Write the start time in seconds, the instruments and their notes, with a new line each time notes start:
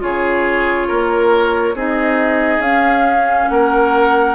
0.00 bassoon C#3, clarinet F4, oboe G#4, flute C#5
0.87 bassoon A#3, oboe A#4
1.74 bassoon C4, clarinet D#4, oboe G#4, flute D#5
2.58 bassoon C#4, clarinet C#4, flute F5
3.48 bassoon A#3, oboe A#4, flute F#5